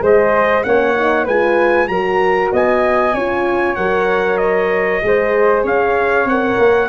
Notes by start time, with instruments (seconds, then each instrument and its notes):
0.00 tuba G#3, horn G#4, flute C5, trumpet D#5
0.63 tuba A#3, horn C#4, flute C#5, trumpet F#5
0.96 horn D#4
1.24 tuba G#3, horn F4, flute B4, trumpet G#5
1.88 tuba F#3, horn F#4, flute A#4, trumpet A#5
2.52 tuba B3, flute D#5, trumpet G#5
3.14 tuba C#4, horn F4, flute C#5
3.76 tuba F#3, horn A#4, trumpet F#5
4.37 trumpet D#5
5.02 tuba G#3, horn G#4, flute C5
5.63 tuba C#4, flute C#5, trumpet F5
6.25 tuba C4, horn A#4, trumpet F#5
6.59 tuba A#3